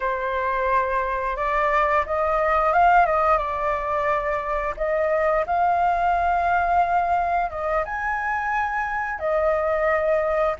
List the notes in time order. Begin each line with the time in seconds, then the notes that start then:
0.00 C5
1.36 D5
2.05 D#5
2.72 F5
3.06 D#5
3.37 D5
4.76 D#5
5.46 F5
7.50 D#5
7.84 G#5
9.19 D#5